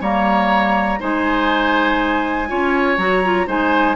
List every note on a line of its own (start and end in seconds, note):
0.00 0.99 G3
0.00 0.99 A#3
0.00 0.99 C#5
0.00 1.00 A#5
0.99 2.51 G#3
0.99 2.48 D#4
0.99 2.48 C5
0.99 2.97 G#5
2.48 2.97 C#4
2.48 2.97 F4
2.48 3.46 C#5
2.97 3.46 F#3
2.97 3.22 F#4
2.97 3.47 A#5
3.23 3.46 F4
3.46 3.95 G#3
3.46 3.95 D#4
3.46 3.95 C5
3.46 3.95 G#5